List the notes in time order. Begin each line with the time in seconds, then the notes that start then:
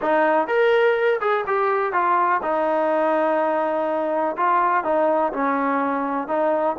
0.01 D#4
0.47 A#4
1.20 G#4
1.46 G4
1.92 F4
2.42 D#4
4.36 F4
4.84 D#4
5.32 C#4
6.27 D#4